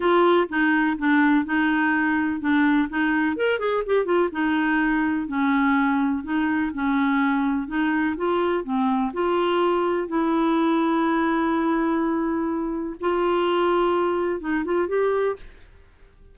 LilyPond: \new Staff \with { instrumentName = "clarinet" } { \time 4/4 \tempo 4 = 125 f'4 dis'4 d'4 dis'4~ | dis'4 d'4 dis'4 ais'8 gis'8 | g'8 f'8 dis'2 cis'4~ | cis'4 dis'4 cis'2 |
dis'4 f'4 c'4 f'4~ | f'4 e'2.~ | e'2. f'4~ | f'2 dis'8 f'8 g'4 | }